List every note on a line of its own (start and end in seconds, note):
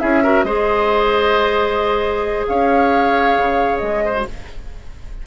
0.00 0.44 C#4
0.00 0.24 E4
0.00 0.24 G#4
0.00 0.44 E5
0.24 0.47 F#4
0.24 0.46 A#4
0.44 2.46 G#3
0.44 4.14 G#4
0.44 2.47 C5
0.44 2.46 D#5
2.48 3.38 C#4
2.48 4.05 C#5
2.48 3.79 F5
3.38 3.82 C#3
3.79 4.27 G#3
3.79 4.24 D#5
4.05 4.27 C5
4.14 4.25 F#4